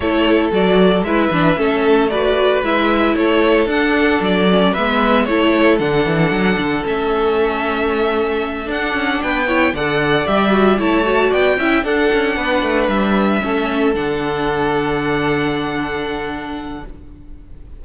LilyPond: <<
  \new Staff \with { instrumentName = "violin" } { \time 4/4 \tempo 4 = 114 cis''4 d''4 e''2 | d''4 e''4 cis''4 fis''4 | d''4 e''4 cis''4 fis''4~ | fis''4 e''2.~ |
e''8 fis''4 g''4 fis''4 e''8~ | e''8 a''4 g''4 fis''4.~ | fis''8 e''2 fis''4.~ | fis''1 | }
  \new Staff \with { instrumentName = "violin" } { \time 4/4 a'2 b'4 a'4 | b'2 a'2~ | a'4 b'4 a'2~ | a'1~ |
a'4. b'8 cis''8 d''4.~ | d''8 cis''4 d''8 e''8 a'4 b'8~ | b'4. a'2~ a'8~ | a'1 | }
  \new Staff \with { instrumentName = "viola" } { \time 4/4 e'4 fis'4 e'8 d'8 cis'4 | fis'4 e'2 d'4~ | d'8 cis'8 b4 e'4 d'4~ | d'4 cis'2.~ |
cis'8 d'4. e'8 a'4 g'8 | fis'8 e'8 fis'4 e'8 d'4.~ | d'4. cis'4 d'4.~ | d'1 | }
  \new Staff \with { instrumentName = "cello" } { \time 4/4 a4 fis4 gis8 e8 a4~ | a4 gis4 a4 d'4 | fis4 gis4 a4 d8 e8 | fis8 d8 a2.~ |
a8 d'8 cis'8 b4 d4 g8~ | g8 a4 b8 cis'8 d'8 cis'8 b8 | a8 g4 a4 d4.~ | d1 | }
>>